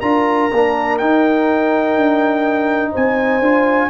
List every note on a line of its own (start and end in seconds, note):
0.00 0.50 D4
0.00 0.51 F4
0.00 2.90 A#4
0.00 0.98 A#5
0.52 1.00 A#3
0.52 1.01 D4
0.98 1.96 D#4
0.98 3.43 D#4
0.98 2.92 G5
1.96 2.93 D4
2.92 3.41 C4
2.92 3.89 C5
2.92 3.90 G#5
3.41 3.89 D4
3.41 3.90 F4